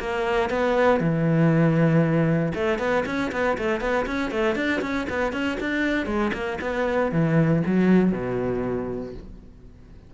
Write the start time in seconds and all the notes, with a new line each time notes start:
0.00 A#3
0.50 B3
1.01 E3
2.55 A3
2.79 B3
3.06 C#4
3.33 B3
3.58 A3
3.81 B3
4.07 C#4
4.31 A3
4.56 D4
4.82 C#4
5.10 B3
5.33 C#4
5.61 D4
6.07 G#3
6.34 A#3
6.61 B3
7.12 E3
7.66 F#3
8.13 B2